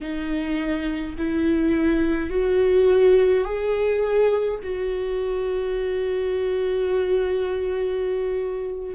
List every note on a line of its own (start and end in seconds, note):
0.00 1.15 D#4
1.17 2.30 E4
2.30 3.44 F#4
3.44 4.59 G#4
4.62 8.94 F#4